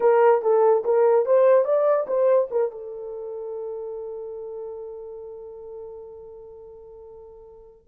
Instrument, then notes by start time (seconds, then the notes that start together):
horn
0.00 A#4
0.42 A4
0.84 A#4
1.25 C5
1.65 D5
2.07 C5
2.50 A#4
2.71 A4